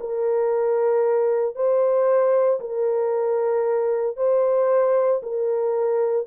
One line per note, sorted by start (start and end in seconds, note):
0.00 1.55 A#4
1.55 2.60 C5
2.60 4.16 A#4
4.16 5.21 C5
5.22 6.27 A#4